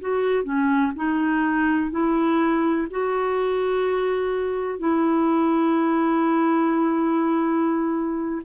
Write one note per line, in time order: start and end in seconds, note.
0.00 0.43 F#4
0.43 0.91 C#4
0.95 1.90 D#4
1.90 2.87 E4
2.90 4.79 F#4
4.79 8.41 E4